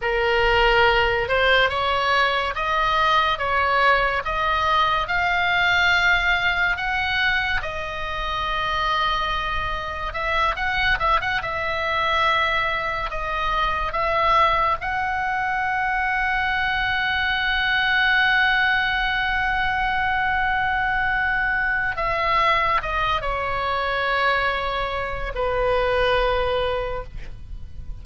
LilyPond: \new Staff \with { instrumentName = "oboe" } { \time 4/4 \tempo 4 = 71 ais'4. c''8 cis''4 dis''4 | cis''4 dis''4 f''2 | fis''4 dis''2. | e''8 fis''8 e''16 fis''16 e''2 dis''8~ |
dis''8 e''4 fis''2~ fis''8~ | fis''1~ | fis''2 e''4 dis''8 cis''8~ | cis''2 b'2 | }